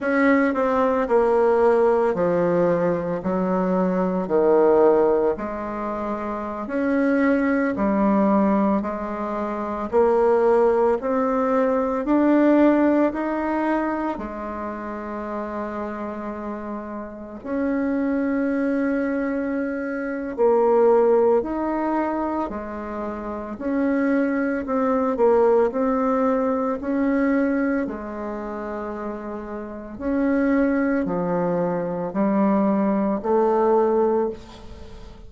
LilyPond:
\new Staff \with { instrumentName = "bassoon" } { \time 4/4 \tempo 4 = 56 cis'8 c'8 ais4 f4 fis4 | dis4 gis4~ gis16 cis'4 g8.~ | g16 gis4 ais4 c'4 d'8.~ | d'16 dis'4 gis2~ gis8.~ |
gis16 cis'2~ cis'8. ais4 | dis'4 gis4 cis'4 c'8 ais8 | c'4 cis'4 gis2 | cis'4 f4 g4 a4 | }